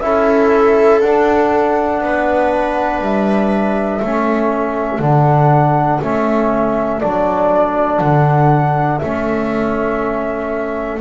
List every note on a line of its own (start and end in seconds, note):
0.00 1.01 C#4
0.00 1.02 E4
0.00 2.03 A4
0.00 1.00 E5
1.00 2.00 D4
1.00 4.03 D4
1.00 3.00 F#5
2.00 3.00 B3
2.00 4.00 B4
3.01 4.01 G3
3.01 5.01 E5
4.00 4.99 A3
4.00 5.01 C#4
4.00 11.00 A4
4.99 5.99 D3
4.99 6.01 D4
4.99 6.01 F#5
6.01 7.01 A3
6.01 7.01 C#4
6.01 7.00 E5
7.00 8.01 F#3
7.00 9.01 D4
7.00 7.98 D5
7.98 9.01 D3
7.98 8.98 F#5
8.98 11.00 A3
8.98 11.00 C#4
8.98 10.98 E5